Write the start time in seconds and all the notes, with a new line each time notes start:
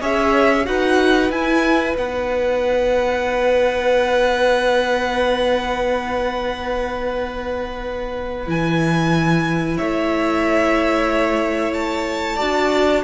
0.00 C#4 G#4 C#5 E5
0.65 D#4 F#4 B4 F#5
1.29 E4 G#5
1.97 B3 D#4 F#5
8.46 E3 E4 G#5
9.77 A3 C#5 E5
11.73 A5
12.36 D4 F#4 D5